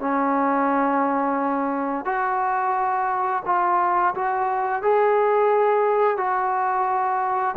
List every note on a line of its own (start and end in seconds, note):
0.00 2.05 C#4
2.05 3.43 F#4
3.46 4.15 F4
4.15 4.83 F#4
4.83 6.18 G#4
6.18 7.55 F#4